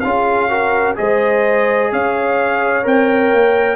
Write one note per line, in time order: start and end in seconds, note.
0.00 0.98 C#4
0.00 0.49 F4
0.00 0.49 G#4
0.00 0.94 F5
0.49 0.96 F#4
0.49 0.96 A#4
0.96 1.92 G#3
0.96 2.83 G#4
0.96 1.91 C5
0.96 1.91 D#5
1.91 2.86 C#4
1.91 3.76 C#5
1.91 2.86 F5
2.83 3.33 C4
2.83 3.76 A#4
2.83 3.76 G5
3.33 3.76 A#3